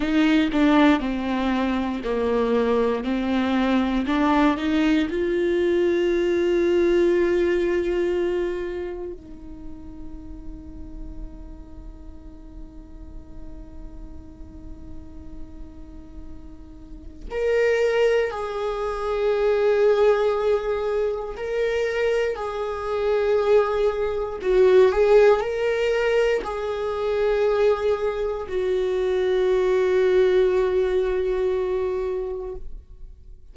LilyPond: \new Staff \with { instrumentName = "viola" } { \time 4/4 \tempo 4 = 59 dis'8 d'8 c'4 ais4 c'4 | d'8 dis'8 f'2.~ | f'4 dis'2.~ | dis'1~ |
dis'4 ais'4 gis'2~ | gis'4 ais'4 gis'2 | fis'8 gis'8 ais'4 gis'2 | fis'1 | }